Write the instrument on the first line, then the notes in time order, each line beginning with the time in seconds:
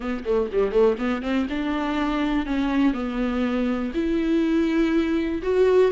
viola
0.00 B3
0.24 A3
0.52 G3
0.71 A3
0.98 B3
1.22 C4
1.49 D4
2.45 C#4
2.93 B3
3.94 E4
5.42 F#4